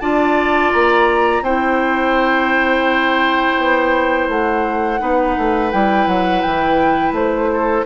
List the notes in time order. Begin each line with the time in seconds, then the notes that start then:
0.00 D4 F4 D5 A5
0.73 A#3 A#5
1.42 C4 E4 C5 G5
3.58 B3
4.29 A3 F#5
5.00 B3 D#4 B4
5.38 A3
5.72 G3 E4 G5
6.07 F#3 F#5
6.42 E3 G5
7.12 A3 C5
7.53 A4